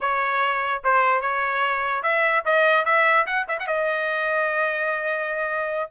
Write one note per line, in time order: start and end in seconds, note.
0.01 0.82 C#5
0.83 1.21 C5
1.21 2.02 C#5
2.03 2.43 E5
2.45 2.85 D#5
2.85 3.26 E5
3.26 3.46 F#5
3.48 3.58 E5
3.59 3.67 F#5
3.67 5.91 D#5